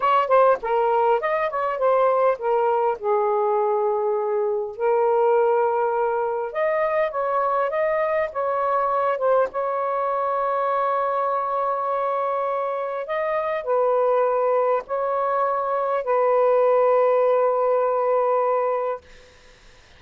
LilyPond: \new Staff \with { instrumentName = "saxophone" } { \time 4/4 \tempo 4 = 101 cis''8 c''8 ais'4 dis''8 cis''8 c''4 | ais'4 gis'2. | ais'2. dis''4 | cis''4 dis''4 cis''4. c''8 |
cis''1~ | cis''2 dis''4 b'4~ | b'4 cis''2 b'4~ | b'1 | }